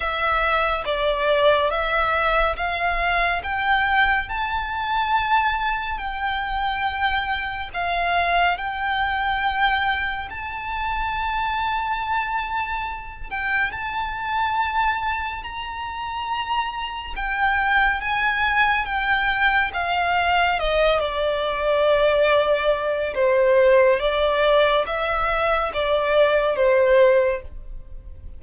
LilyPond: \new Staff \with { instrumentName = "violin" } { \time 4/4 \tempo 4 = 70 e''4 d''4 e''4 f''4 | g''4 a''2 g''4~ | g''4 f''4 g''2 | a''2.~ a''8 g''8 |
a''2 ais''2 | g''4 gis''4 g''4 f''4 | dis''8 d''2~ d''8 c''4 | d''4 e''4 d''4 c''4 | }